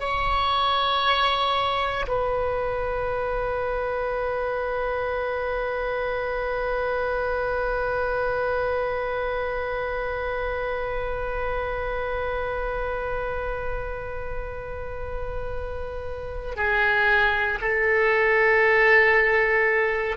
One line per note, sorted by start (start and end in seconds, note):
0.00 2.07 C#5
2.08 16.56 B4
16.56 17.60 G#4
17.61 20.17 A4